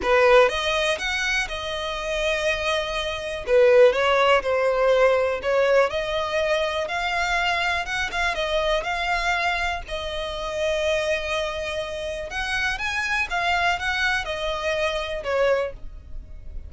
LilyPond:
\new Staff \with { instrumentName = "violin" } { \time 4/4 \tempo 4 = 122 b'4 dis''4 fis''4 dis''4~ | dis''2. b'4 | cis''4 c''2 cis''4 | dis''2 f''2 |
fis''8 f''8 dis''4 f''2 | dis''1~ | dis''4 fis''4 gis''4 f''4 | fis''4 dis''2 cis''4 | }